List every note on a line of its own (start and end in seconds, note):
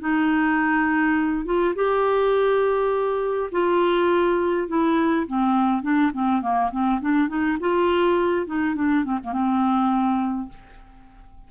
0.00 1.45 D#4
1.45 1.74 F4
1.75 3.50 G4
3.51 4.68 F4
4.68 5.26 E4
5.27 5.83 C4
5.83 6.12 D4
6.13 6.42 C4
6.42 6.71 A#3
6.71 7.01 C4
7.01 7.28 D4
7.28 7.58 D#4
7.60 8.47 F4
8.47 8.75 D#4
8.75 9.04 D4
9.04 9.19 C4
9.23 9.32 A#3
9.32 10.49 C4